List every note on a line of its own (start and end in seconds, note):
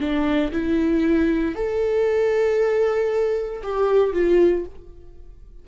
0.00 0.52 D4
0.52 1.56 E4
1.56 3.63 A4
3.63 4.13 G4
4.13 4.65 F4